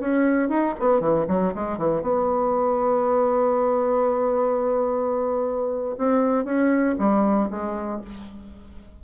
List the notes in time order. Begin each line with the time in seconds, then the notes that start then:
0.00 C#4
0.49 D#4
0.80 B3
1.00 E3
1.28 F#3
1.55 G#3
1.78 E3
2.02 B3
5.98 C4
6.45 C#4
6.99 G3
7.50 G#3